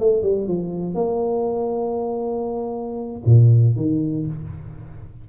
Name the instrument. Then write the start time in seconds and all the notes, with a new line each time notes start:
tuba
0.00 A3
0.23 G3
0.48 F3
0.95 A#3
3.26 A#2
3.77 D#3